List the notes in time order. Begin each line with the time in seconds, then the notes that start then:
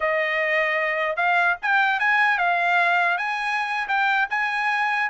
0.00 D#5
1.16 F5
1.62 G5
1.99 G#5
2.38 F5
3.17 G#5
3.87 G5
4.30 G#5